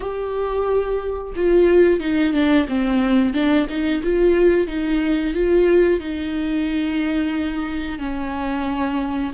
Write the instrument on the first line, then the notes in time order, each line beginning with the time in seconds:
viola
0.00 G4
1.35 F4
2.00 D#4
2.33 D4
2.68 C4
3.33 D4
3.69 D#4
4.03 F4
4.67 D#4
5.33 F4
6.00 D#4
7.98 C#4